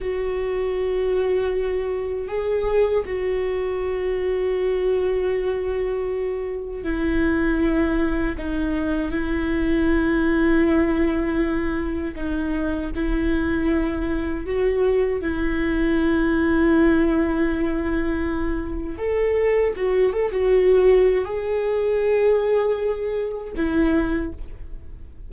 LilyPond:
\new Staff \with { instrumentName = "viola" } { \time 4/4 \tempo 4 = 79 fis'2. gis'4 | fis'1~ | fis'4 e'2 dis'4 | e'1 |
dis'4 e'2 fis'4 | e'1~ | e'4 a'4 fis'8 a'16 fis'4~ fis'16 | gis'2. e'4 | }